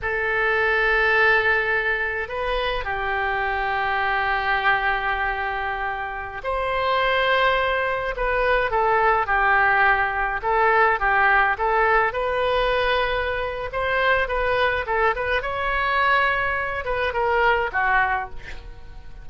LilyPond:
\new Staff \with { instrumentName = "oboe" } { \time 4/4 \tempo 4 = 105 a'1 | b'4 g'2.~ | g'2.~ g'16 c''8.~ | c''2~ c''16 b'4 a'8.~ |
a'16 g'2 a'4 g'8.~ | g'16 a'4 b'2~ b'8. | c''4 b'4 a'8 b'8 cis''4~ | cis''4. b'8 ais'4 fis'4 | }